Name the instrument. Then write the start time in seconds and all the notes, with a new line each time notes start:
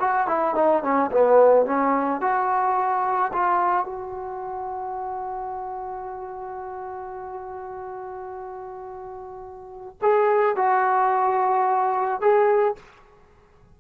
trombone
0.00 F#4
0.28 E4
0.56 D#4
0.83 C#4
1.12 B3
1.66 C#4
2.21 F#4
3.33 F4
3.86 F#4
10.02 G#4
10.57 F#4
12.21 G#4